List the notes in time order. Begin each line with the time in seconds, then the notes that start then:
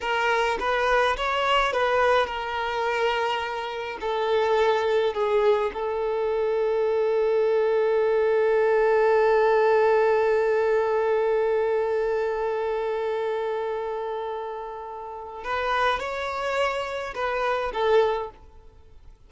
0.01 A#4
0.59 B4
1.16 C#5
1.72 B4
2.26 A#4
4.00 A4
5.14 G#4
5.73 A4
15.44 B4
15.99 C#5
17.14 B4
17.73 A4